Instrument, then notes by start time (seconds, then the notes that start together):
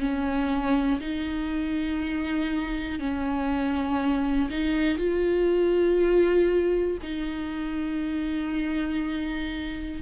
viola
0.00 C#4
1.00 D#4
3.00 C#4
4.50 D#4
4.98 F4
7.02 D#4